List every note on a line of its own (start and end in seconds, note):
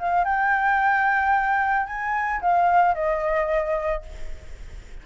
0.00 0.25 F5
0.25 1.87 G5
1.87 2.41 G#5
2.42 2.95 F5
2.95 4.03 D#5